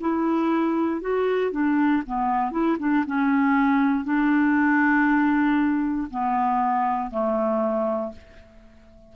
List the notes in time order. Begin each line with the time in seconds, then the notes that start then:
0.00 E4
1.01 F#4
1.52 D4
2.06 B3
2.51 E4
2.79 D4
3.06 C#4
4.04 D4
6.11 B3
7.10 A3